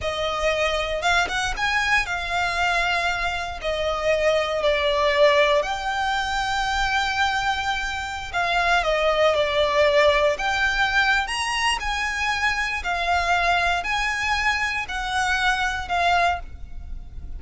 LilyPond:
\new Staff \with { instrumentName = "violin" } { \time 4/4 \tempo 4 = 117 dis''2 f''8 fis''8 gis''4 | f''2. dis''4~ | dis''4 d''2 g''4~ | g''1~ |
g''16 f''4 dis''4 d''4.~ d''16~ | d''16 g''4.~ g''16 ais''4 gis''4~ | gis''4 f''2 gis''4~ | gis''4 fis''2 f''4 | }